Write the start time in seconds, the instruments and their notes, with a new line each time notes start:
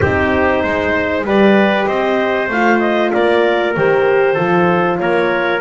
0.00 double bass C4, horn D#4, trumpet G4, clarinet C5
0.62 double bass G#3, trumpet C5
1.24 double bass G3, horn G4, trumpet B4, clarinet D5
1.86 double bass C4, trumpet C5, clarinet D#5
2.49 double bass A3, horn F4, clarinet F5
2.79 clarinet D#5
3.12 double bass A#3, trumpet A#4, clarinet D5
3.76 double bass D#3, horn G4, clarinet C5
4.33 double bass F3, horn F4, trumpet A4
4.98 double bass A#3, trumpet A#4, clarinet C#5